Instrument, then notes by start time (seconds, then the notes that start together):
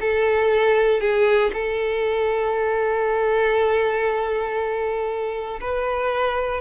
violin
0.00 A4
1.00 G#4
1.53 A4
5.60 B4